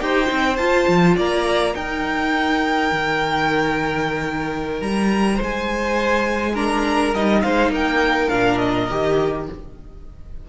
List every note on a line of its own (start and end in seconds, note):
0.00 0.30 D#4
0.00 0.26 G4
0.00 1.16 C5
0.00 0.57 G5
0.26 0.59 C4
0.26 0.55 D#4
0.57 0.88 F4
0.57 1.76 F4
0.57 1.15 A5
0.88 1.17 F3
1.16 1.75 A#3
1.16 1.74 D5
1.16 1.75 A#5
1.75 2.92 D#4
1.75 6.56 D#4
1.75 5.36 A#4
1.75 4.81 G5
2.92 4.81 D#3
4.81 5.40 G3
4.81 5.40 A#5
5.36 7.14 G#3
5.36 6.52 C5
5.44 6.56 G#5
6.54 7.14 D4
6.54 7.41 A#4
6.54 7.14 A#5
7.14 7.43 G3
7.14 8.31 D#4
7.14 7.42 D#5
7.42 7.70 G#3
7.42 7.72 C5
7.42 7.71 F5
7.70 8.28 A#3
7.70 9.46 A#4
7.70 8.29 G5
8.29 8.90 A#2
8.29 8.89 D4
8.29 8.59 F5
8.59 9.46 D#5
8.91 9.49 D#3
8.91 9.49 G4